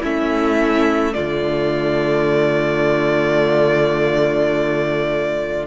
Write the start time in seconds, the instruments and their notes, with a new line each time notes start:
0.00 cello A3, viola C#4, violin E4 E5
1.14 cello D3, viola A3, violin F4 D5